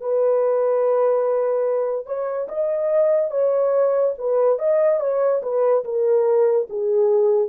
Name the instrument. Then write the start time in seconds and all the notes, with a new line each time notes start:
horn
0.00 B4
2.06 C#5
2.48 D#5
3.31 C#5
4.18 B4
4.59 D#5
5.00 C#5
5.42 B4
5.84 A#4
6.69 G#4